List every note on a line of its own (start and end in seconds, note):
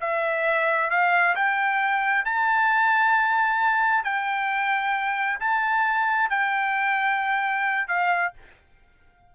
0.00 0.90 E5
0.90 1.35 F5
1.35 2.25 G5
2.25 4.04 A5
4.04 5.39 G5
5.40 6.30 A5
6.30 7.88 G5
7.88 8.33 F5